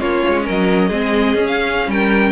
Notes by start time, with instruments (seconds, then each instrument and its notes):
0.00 cello A#3, viola C#4, violin F4 C#5
0.28 cello G#3
0.45 cello F#3, violin A#4 D#5
0.89 cello G#3, viola C4, violin G#4
1.35 cello C#4, viola C#4
1.47 violin F5
1.87 cello G3, violin A#4 G5